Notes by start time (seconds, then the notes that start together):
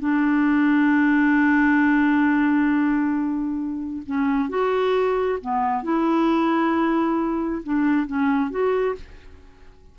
0.00 D4
4.06 C#4
4.50 F#4
5.42 B3
5.84 E4
7.63 D4
8.07 C#4
8.51 F#4